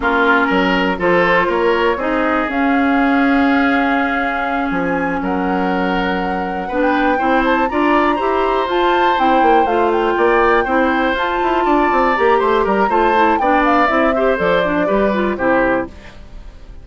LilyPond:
<<
  \new Staff \with { instrumentName = "flute" } { \time 4/4 \tempo 4 = 121 ais'2 c''4 cis''4 | dis''4 f''2.~ | f''4. gis''4 fis''4.~ | fis''4.~ fis''16 g''4~ g''16 a''8 ais''8~ |
ais''4. a''4 g''4 f''8 | g''2~ g''8 a''4.~ | a''8 ais''8 c'''8 ais''8 a''4 g''8 f''8 | e''4 d''2 c''4 | }
  \new Staff \with { instrumentName = "oboe" } { \time 4/4 f'4 ais'4 a'4 ais'4 | gis'1~ | gis'2~ gis'8 ais'4.~ | ais'4. b'4 c''4 d''8~ |
d''8 c''2.~ c''8~ | c''8 d''4 c''2 d''8~ | d''4 c''8 ais'8 c''4 d''4~ | d''8 c''4. b'4 g'4 | }
  \new Staff \with { instrumentName = "clarinet" } { \time 4/4 cis'2 f'2 | dis'4 cis'2.~ | cis'1~ | cis'4. d'4 e'4 f'8~ |
f'8 g'4 f'4 e'4 f'8~ | f'4. e'4 f'4.~ | f'8 g'4. f'8 e'8 d'4 | e'8 g'8 a'8 d'8 g'8 f'8 e'4 | }
  \new Staff \with { instrumentName = "bassoon" } { \time 4/4 ais4 fis4 f4 ais4 | c'4 cis'2.~ | cis'4. f4 fis4.~ | fis4. b4 c'4 d'8~ |
d'8 e'4 f'4 c'8 ais8 a8~ | a8 ais4 c'4 f'8 e'8 d'8 | c'8 ais8 a8 g8 a4 b4 | c'4 f4 g4 c4 | }
>>